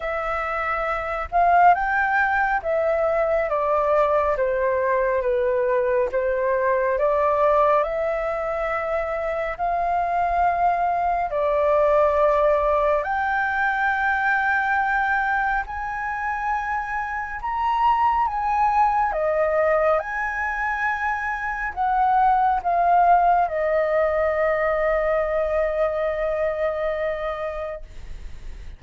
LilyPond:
\new Staff \with { instrumentName = "flute" } { \time 4/4 \tempo 4 = 69 e''4. f''8 g''4 e''4 | d''4 c''4 b'4 c''4 | d''4 e''2 f''4~ | f''4 d''2 g''4~ |
g''2 gis''2 | ais''4 gis''4 dis''4 gis''4~ | gis''4 fis''4 f''4 dis''4~ | dis''1 | }